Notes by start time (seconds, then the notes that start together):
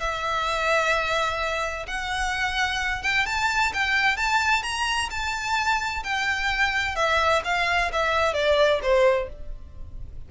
0.00 E5
1.87 F#5
3.03 G5
3.26 A5
3.74 G5
4.17 A5
4.63 A#5
5.10 A5
6.04 G5
6.96 E5
7.45 F5
7.93 E5
8.34 D5
8.82 C5